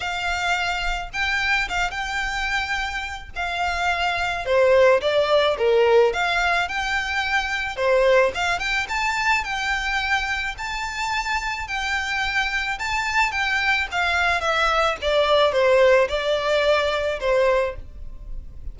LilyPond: \new Staff \with { instrumentName = "violin" } { \time 4/4 \tempo 4 = 108 f''2 g''4 f''8 g''8~ | g''2 f''2 | c''4 d''4 ais'4 f''4 | g''2 c''4 f''8 g''8 |
a''4 g''2 a''4~ | a''4 g''2 a''4 | g''4 f''4 e''4 d''4 | c''4 d''2 c''4 | }